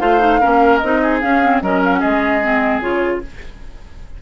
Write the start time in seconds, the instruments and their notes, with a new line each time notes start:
0.00 bassoon A3, clarinet F4, oboe C5, flute F5
0.20 clarinet D#4
0.41 bassoon A#3, clarinet C#4, oboe A#4
0.78 bassoon C4, clarinet D#4, flute D#5
1.03 oboe G#4
1.21 clarinet C#4, bassoon C#4, flute F5
1.43 clarinet C4
1.62 bassoon F#3, clarinet C#4, oboe A#4, flute D#5
1.84 flute F5
1.93 flute F#5
2.00 bassoon G#3, oboe G#4, flute D#5
2.43 clarinet C4
2.81 bassoon C#3, clarinet F4, flute C#5